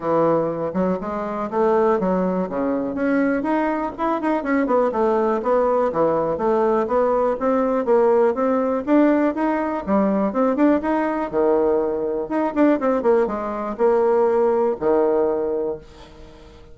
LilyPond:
\new Staff \with { instrumentName = "bassoon" } { \time 4/4 \tempo 4 = 122 e4. fis8 gis4 a4 | fis4 cis4 cis'4 dis'4 | e'8 dis'8 cis'8 b8 a4 b4 | e4 a4 b4 c'4 |
ais4 c'4 d'4 dis'4 | g4 c'8 d'8 dis'4 dis4~ | dis4 dis'8 d'8 c'8 ais8 gis4 | ais2 dis2 | }